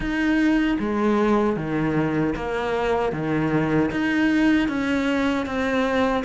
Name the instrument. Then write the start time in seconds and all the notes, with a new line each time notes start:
cello
0.00 D#4
0.79 G#3
1.56 D#3
2.36 A#3
3.12 D#3
3.91 D#4
4.68 C#4
5.45 C4